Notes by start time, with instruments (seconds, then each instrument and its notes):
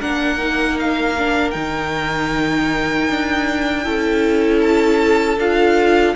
0.00 cello A#3, viola D4, violin A#4 F#5
0.38 viola D#4
0.79 violin F5
1.19 viola D4
1.51 cello D#3, viola D#4, violin G5
3.09 cello D4
3.84 cello C#4, viola E4, violin A4
4.62 violin A5
5.38 cello D4, viola F4, violin F5